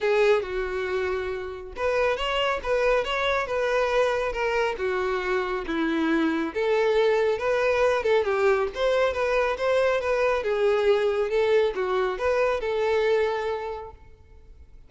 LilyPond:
\new Staff \with { instrumentName = "violin" } { \time 4/4 \tempo 4 = 138 gis'4 fis'2. | b'4 cis''4 b'4 cis''4 | b'2 ais'4 fis'4~ | fis'4 e'2 a'4~ |
a'4 b'4. a'8 g'4 | c''4 b'4 c''4 b'4 | gis'2 a'4 fis'4 | b'4 a'2. | }